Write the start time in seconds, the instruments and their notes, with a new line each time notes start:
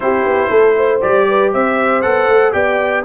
0.00 tuba C4, trombone E4, horn G4, trumpet C5
0.25 tuba B3
0.50 tuba A3, horn A4
0.76 horn C5
1.01 tuba G3, trombone G4, trumpet D5
1.28 horn B4
1.53 tuba C4, horn C5, trumpet E5
2.01 tuba B3, trombone A4, trumpet F#5
2.27 tuba A3
2.52 tuba B3, trombone G4, horn D5, trumpet G5